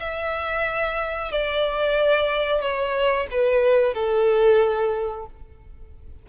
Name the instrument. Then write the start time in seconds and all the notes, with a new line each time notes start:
violin
0.00 E5
1.32 D5
2.61 C#5
3.31 B4
3.94 A4